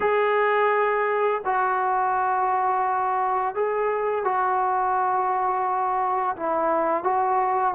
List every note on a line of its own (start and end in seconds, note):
0.00 1.41 G#4
1.44 3.55 F#4
3.55 4.24 G#4
4.24 6.36 F#4
6.36 7.03 E4
7.03 7.74 F#4